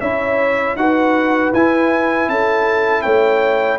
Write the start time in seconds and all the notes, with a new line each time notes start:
0.00 C#4 E4 C#5 E5
0.76 D#4 F#4 B4 F#5
1.53 E4 G#5
2.28 C#4 A4 A5
3.02 A3 C#5 G5